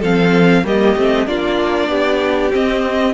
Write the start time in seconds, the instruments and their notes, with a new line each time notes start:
0.00 cello F3, viola C4, violin A4 F5
0.65 cello G3, viola A#3, violin G4 D#5
0.97 cello A3, viola C4
1.27 cello A#3, viola D4, violin F4 D5
1.89 cello B3, violin G4
2.51 viola C4, cello C4, violin D#5